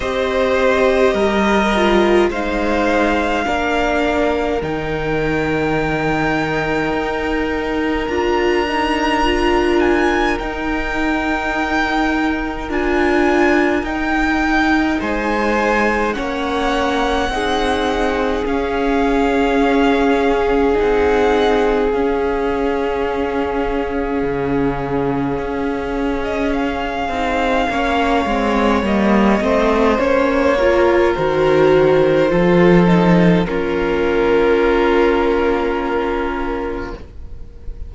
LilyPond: <<
  \new Staff \with { instrumentName = "violin" } { \time 4/4 \tempo 4 = 52 dis''2 f''2 | g''2. ais''4~ | ais''8 gis''8 g''2 gis''4 | g''4 gis''4 fis''2 |
f''2 fis''4 f''4~ | f''2~ f''8. dis''16 f''4~ | f''4 dis''4 cis''4 c''4~ | c''4 ais'2. | }
  \new Staff \with { instrumentName = "violin" } { \time 4/4 c''4 ais'4 c''4 ais'4~ | ais'1~ | ais'1~ | ais'4 c''4 cis''4 gis'4~ |
gis'1~ | gis'1 | cis''4. c''4 ais'4. | a'4 f'2. | }
  \new Staff \with { instrumentName = "viola" } { \time 4/4 g'4. f'8 dis'4 d'4 | dis'2. f'8 dis'8 | f'4 dis'2 f'4 | dis'2 cis'4 dis'4 |
cis'2 dis'4 cis'4~ | cis'2.~ cis'8 dis'8 | cis'8 c'8 ais8 c'8 cis'8 f'8 fis'4 | f'8 dis'8 cis'2. | }
  \new Staff \with { instrumentName = "cello" } { \time 4/4 c'4 g4 gis4 ais4 | dis2 dis'4 d'4~ | d'4 dis'2 d'4 | dis'4 gis4 ais4 c'4 |
cis'2 c'4 cis'4~ | cis'4 cis4 cis'4. c'8 | ais8 gis8 g8 a8 ais4 dis4 | f4 ais2. | }
>>